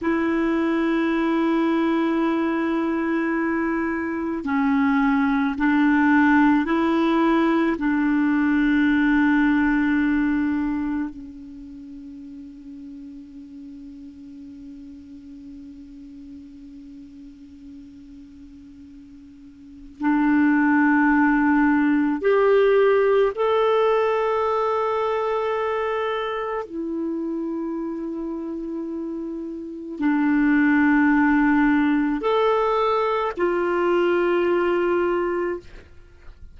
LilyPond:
\new Staff \with { instrumentName = "clarinet" } { \time 4/4 \tempo 4 = 54 e'1 | cis'4 d'4 e'4 d'4~ | d'2 cis'2~ | cis'1~ |
cis'2 d'2 | g'4 a'2. | e'2. d'4~ | d'4 a'4 f'2 | }